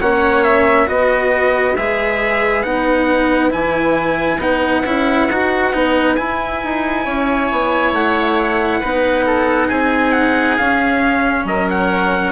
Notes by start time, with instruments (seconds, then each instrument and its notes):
0.00 bassoon A#3, cello C#4, oboe C#5, trumpet F#5
0.44 trumpet E5
0.86 bassoon B3, cello F#4, oboe B4, trumpet D#5
1.76 bassoon G#3, cello G#4, trumpet E5
2.62 bassoon B3, cello D#4, trumpet F#5
3.50 bassoon E3, cello E4, trumpet G#5
4.38 bassoon B3, cello D#4, trumpet F#5
4.85 bassoon C#4, cello E4
5.29 bassoon D#4, cello F#4
5.73 bassoon B3, cello D#4
6.15 cello E4, bassoon E4, trumpet G#5
6.64 bassoon D#4
7.05 bassoon C#4, oboe C#5
7.52 bassoon B3
7.92 bassoon A3, trumpet F#5
8.80 bassoon B3, cello D#4, oboe B4
9.26 oboe A4
9.67 bassoon C4, oboe G#4, trumpet G#5
10.12 trumpet F#5
10.57 bassoon C#4, cello C#4, trumpet F5
11.45 bassoon F#3, oboe A#4, trumpet D#5
11.69 trumpet F#5